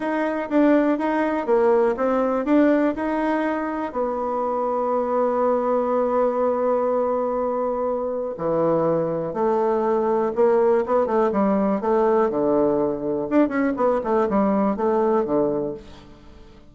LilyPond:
\new Staff \with { instrumentName = "bassoon" } { \time 4/4 \tempo 4 = 122 dis'4 d'4 dis'4 ais4 | c'4 d'4 dis'2 | b1~ | b1~ |
b4 e2 a4~ | a4 ais4 b8 a8 g4 | a4 d2 d'8 cis'8 | b8 a8 g4 a4 d4 | }